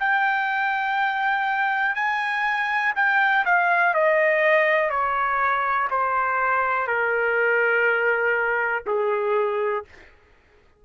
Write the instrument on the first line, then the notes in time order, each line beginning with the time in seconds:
trumpet
0.00 G5
1.95 G#5
2.96 G5
3.45 F5
3.94 D#5
4.90 C#5
5.91 C5
6.87 A#4
8.87 G#4